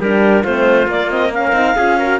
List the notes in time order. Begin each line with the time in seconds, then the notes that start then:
0.00 G3 D4 G4 A#4
0.43 A3 C4 F4 C5
0.86 A#3 D5
1.10 C4 D#5
1.33 C#4 A#4 F5
1.52 C4 D#4
1.76 C#4 F4 G#4
1.99 F#4 A#4